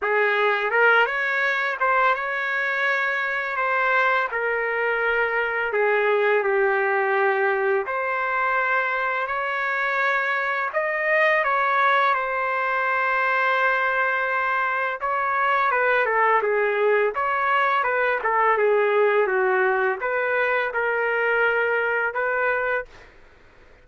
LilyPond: \new Staff \with { instrumentName = "trumpet" } { \time 4/4 \tempo 4 = 84 gis'4 ais'8 cis''4 c''8 cis''4~ | cis''4 c''4 ais'2 | gis'4 g'2 c''4~ | c''4 cis''2 dis''4 |
cis''4 c''2.~ | c''4 cis''4 b'8 a'8 gis'4 | cis''4 b'8 a'8 gis'4 fis'4 | b'4 ais'2 b'4 | }